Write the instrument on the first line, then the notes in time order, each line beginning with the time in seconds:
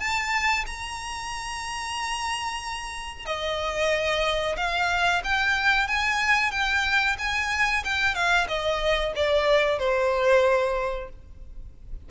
violin
0.00 A5
0.67 A#5
3.26 D#5
4.57 F5
5.25 G5
5.88 G#5
6.52 G5
7.19 G#5
7.85 G5
8.15 F5
8.48 D#5
9.16 D5
9.79 C5